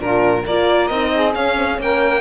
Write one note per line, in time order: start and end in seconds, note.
0.00 0.45 A#2
0.00 0.45 D4
0.00 0.44 F4
0.00 0.45 A#4
0.44 0.90 A#3
0.44 0.92 F4
0.44 1.12 A#4
0.44 0.88 D5
0.88 1.35 C4
0.88 1.33 D#4
0.88 1.32 D#5
1.14 1.81 G#4
1.33 1.56 C#4
1.33 1.78 C#4
1.33 1.80 F5
1.56 1.67 C4
1.68 2.21 C#4
1.78 2.21 A#3
1.78 2.21 A#4
1.78 2.21 G5